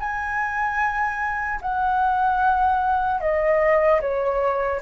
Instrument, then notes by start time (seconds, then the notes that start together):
flute
0.00 G#5
1.62 F#5
3.21 D#5
4.01 C#5